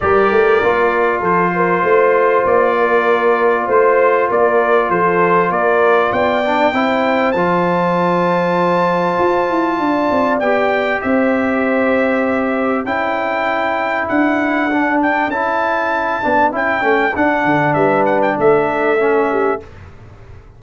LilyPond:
<<
  \new Staff \with { instrumentName = "trumpet" } { \time 4/4 \tempo 4 = 98 d''2 c''2 | d''2 c''4 d''4 | c''4 d''4 g''2 | a''1~ |
a''4 g''4 e''2~ | e''4 g''2 fis''4~ | fis''8 g''8 a''2 g''4 | fis''4 e''8 fis''16 g''16 e''2 | }
  \new Staff \with { instrumentName = "horn" } { \time 4/4 ais'2 a'8 ais'8 c''4~ | c''8 ais'4. c''4 ais'4 | a'4 ais'4 d''4 c''4~ | c''1 |
d''2 c''2~ | c''4 a'2.~ | a'1~ | a'4 b'4 a'4. g'8 | }
  \new Staff \with { instrumentName = "trombone" } { \time 4/4 g'4 f'2.~ | f'1~ | f'2~ f'8 d'8 e'4 | f'1~ |
f'4 g'2.~ | g'4 e'2. | d'4 e'4. d'8 e'8 cis'8 | d'2. cis'4 | }
  \new Staff \with { instrumentName = "tuba" } { \time 4/4 g8 a8 ais4 f4 a4 | ais2 a4 ais4 | f4 ais4 b4 c'4 | f2. f'8 e'8 |
d'8 c'8 b4 c'2~ | c'4 cis'2 d'4~ | d'4 cis'4. b8 cis'8 a8 | d'8 d8 g4 a2 | }
>>